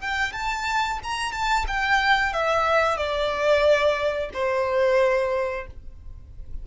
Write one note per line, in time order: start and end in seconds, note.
0.00 0.32 G5
0.32 0.99 A5
1.03 1.32 A#5
1.32 1.65 A5
1.67 2.33 G5
2.33 2.97 E5
2.97 4.30 D5
4.33 5.66 C5